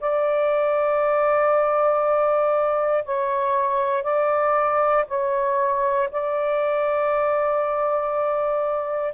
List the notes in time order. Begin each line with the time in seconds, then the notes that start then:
0.00 D5
3.05 C#5
4.04 D5
5.08 C#5
6.11 D5